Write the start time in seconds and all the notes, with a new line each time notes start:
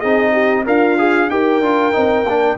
0.00 C4 D#4 G#4 D#5
0.33 G4
0.66 D4 F4 A#4 F5
0.99 G#4
1.30 D#4 G4 A#4 G5
1.61 D4 F4
1.93 C4 D#4
2.24 A#3 D4